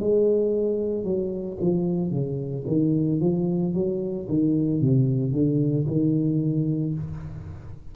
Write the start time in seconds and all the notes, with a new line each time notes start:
0.00 G#3
1.04 F#3
1.61 F3
2.11 C#3
2.67 D#3
3.20 F3
3.74 F#3
4.29 D#3
4.81 C3
5.32 D3
5.87 D#3